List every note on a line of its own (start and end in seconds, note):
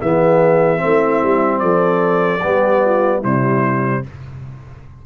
0.00 0.83 E3
0.00 0.78 B3
0.00 0.81 G#4
0.00 1.59 E5
0.78 1.23 A3
0.78 2.40 C4
0.84 1.61 E4
1.23 1.61 G3
1.59 2.42 F3
1.59 2.42 A4
1.59 3.21 D5
2.42 3.24 G3
2.42 3.22 B3
2.42 2.82 G4
2.85 3.19 F4
3.19 4.06 C3
3.19 4.04 G3
3.19 4.00 E4
3.19 4.05 C5